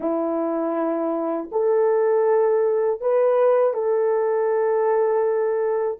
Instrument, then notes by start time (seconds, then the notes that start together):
horn
0.00 E4
1.51 A4
3.00 B4
3.73 A4